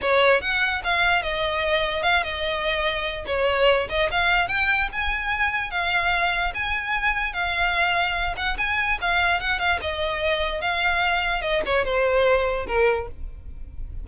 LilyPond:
\new Staff \with { instrumentName = "violin" } { \time 4/4 \tempo 4 = 147 cis''4 fis''4 f''4 dis''4~ | dis''4 f''8 dis''2~ dis''8 | cis''4. dis''8 f''4 g''4 | gis''2 f''2 |
gis''2 f''2~ | f''8 fis''8 gis''4 f''4 fis''8 f''8 | dis''2 f''2 | dis''8 cis''8 c''2 ais'4 | }